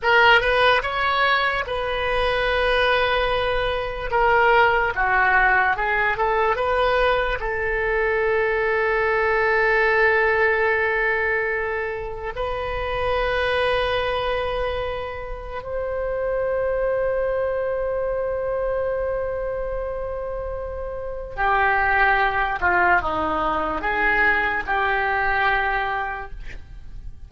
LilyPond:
\new Staff \with { instrumentName = "oboe" } { \time 4/4 \tempo 4 = 73 ais'8 b'8 cis''4 b'2~ | b'4 ais'4 fis'4 gis'8 a'8 | b'4 a'2.~ | a'2. b'4~ |
b'2. c''4~ | c''1~ | c''2 g'4. f'8 | dis'4 gis'4 g'2 | }